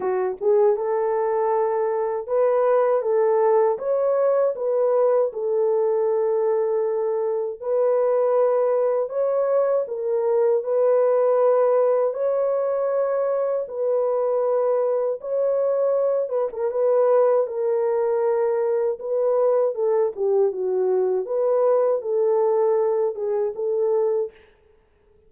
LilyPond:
\new Staff \with { instrumentName = "horn" } { \time 4/4 \tempo 4 = 79 fis'8 gis'8 a'2 b'4 | a'4 cis''4 b'4 a'4~ | a'2 b'2 | cis''4 ais'4 b'2 |
cis''2 b'2 | cis''4. b'16 ais'16 b'4 ais'4~ | ais'4 b'4 a'8 g'8 fis'4 | b'4 a'4. gis'8 a'4 | }